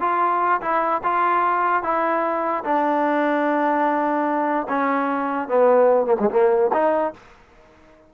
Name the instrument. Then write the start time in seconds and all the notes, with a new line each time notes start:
trombone
0.00 F4
0.61 E4
1.03 F4
1.83 E4
2.64 D4
4.69 C#4
5.48 B3
6.06 A#3
6.20 G#3
6.30 A#3
6.73 D#4